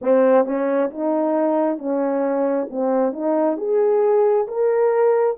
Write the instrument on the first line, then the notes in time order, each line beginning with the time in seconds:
horn
0.01 C4
0.45 C#4
0.90 D#4
1.78 C#4
2.70 C4
3.13 D#4
3.57 G#4
4.47 A#4